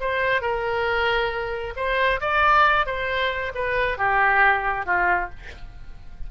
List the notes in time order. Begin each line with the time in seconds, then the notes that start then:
0.00 C5
0.41 A#4
1.76 C5
2.20 D5
2.86 C5
3.54 B4
3.98 G4
4.86 F4